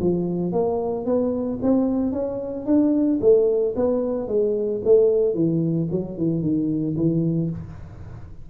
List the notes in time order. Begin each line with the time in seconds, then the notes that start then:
0.00 F3
0.52 A#3
1.05 B3
1.62 C4
2.12 C#4
2.65 D4
3.21 A3
3.76 B3
4.28 G#3
4.85 A3
5.34 E3
5.91 F#3
6.17 E3
6.42 D#3
6.96 E3